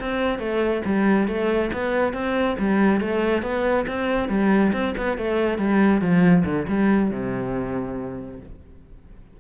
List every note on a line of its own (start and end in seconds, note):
0.00 0.39 C4
0.39 0.82 A3
0.85 1.28 G3
1.28 1.71 A3
1.73 2.13 B3
2.13 2.56 C4
2.59 3.01 G3
3.01 3.43 A3
3.43 3.86 B3
3.88 4.29 C4
4.29 4.72 G3
4.73 4.94 C4
4.97 5.18 B3
5.18 5.58 A3
5.58 6.01 G3
6.01 6.44 F3
6.45 6.67 D3
6.68 7.11 G3
7.11 8.40 C3